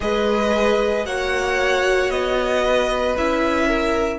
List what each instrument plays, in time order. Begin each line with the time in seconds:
0.00 cello G#3, viola G#4, violin B4 D#5
1.04 cello A#3, viola F#4, violin C#5 F#5
2.10 cello B3, violin D#5
2.64 violin B4
3.16 cello C#4, viola E4, violin E5
3.67 violin A#4